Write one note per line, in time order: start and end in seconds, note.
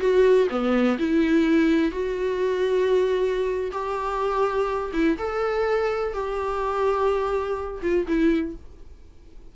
0.00 0.48 F#4
0.50 0.98 B3
0.99 1.92 E4
1.92 3.72 F#4
3.72 4.92 G4
4.93 5.17 E4
5.18 6.13 A4
6.13 7.81 G4
7.83 8.07 F4
8.07 8.55 E4